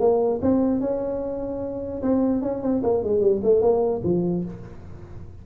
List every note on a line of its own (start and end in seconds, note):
0.00 0.41 A#3
0.42 0.80 C4
0.80 2.02 C#4
2.03 2.42 C4
2.42 2.62 C#4
2.62 2.83 C4
2.83 3.04 A#3
3.04 3.21 G#3
3.21 3.41 G3
3.44 3.62 A3
3.62 4.02 A#3
4.04 4.45 F3